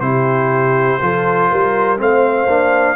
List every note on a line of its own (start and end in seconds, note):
0.00 0.98 C3
0.00 1.00 E4
0.00 1.00 G4
0.00 1.97 C5
1.01 1.51 F3
1.01 1.97 F4
1.01 1.50 A4
1.50 2.00 G3
1.50 1.99 A#4
1.97 2.46 A3
1.97 2.47 C4
1.97 2.96 C5
1.97 2.96 F5
2.46 2.95 A#3
2.46 2.96 D4